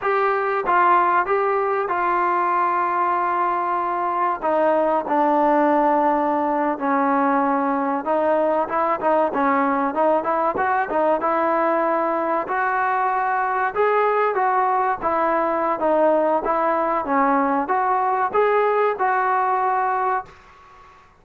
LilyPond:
\new Staff \with { instrumentName = "trombone" } { \time 4/4 \tempo 4 = 95 g'4 f'4 g'4 f'4~ | f'2. dis'4 | d'2~ d'8. cis'4~ cis'16~ | cis'8. dis'4 e'8 dis'8 cis'4 dis'16~ |
dis'16 e'8 fis'8 dis'8 e'2 fis'16~ | fis'4.~ fis'16 gis'4 fis'4 e'16~ | e'4 dis'4 e'4 cis'4 | fis'4 gis'4 fis'2 | }